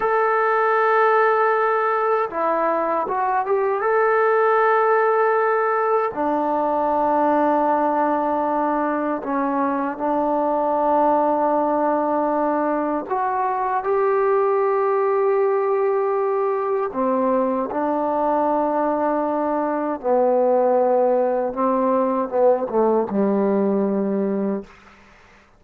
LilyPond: \new Staff \with { instrumentName = "trombone" } { \time 4/4 \tempo 4 = 78 a'2. e'4 | fis'8 g'8 a'2. | d'1 | cis'4 d'2.~ |
d'4 fis'4 g'2~ | g'2 c'4 d'4~ | d'2 b2 | c'4 b8 a8 g2 | }